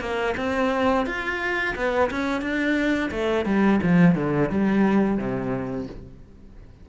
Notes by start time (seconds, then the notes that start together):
0.00 A#3
0.37 C4
1.06 F4
1.76 B3
2.11 C#4
2.41 D4
3.11 A3
3.45 G3
3.82 F3
4.15 D3
4.50 G3
5.17 C3